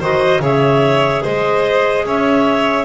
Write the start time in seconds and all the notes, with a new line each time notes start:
0.00 D#3 F#4 C5 D#5
0.40 C#3 G#4 C#5 E5
1.23 G#3 C5 D#5
2.05 C#4 C#5 E5